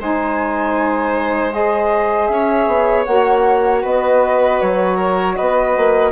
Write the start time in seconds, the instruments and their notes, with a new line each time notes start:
0.00 bassoon G#3, saxophone D#4, violin C5, flute G#5
1.52 saxophone G#4, flute D#5
2.27 bassoon C#4, flute E5
2.33 violin C#5
2.67 bassoon B3
3.05 bassoon A#3, saxophone F#4, flute F#5
3.83 bassoon B3, violin B4, flute D#5
4.61 bassoon F#3, flute C#5
4.97 violin A#4
5.37 bassoon B3, violin B4, flute D#5
5.77 bassoon A#3